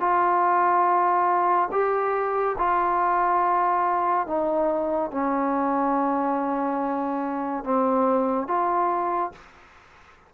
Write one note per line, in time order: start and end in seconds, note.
0.00 1.69 F4
1.72 2.56 G4
2.58 4.27 F4
4.27 5.11 D#4
5.11 7.64 C#4
7.64 8.47 C4
8.47 9.32 F4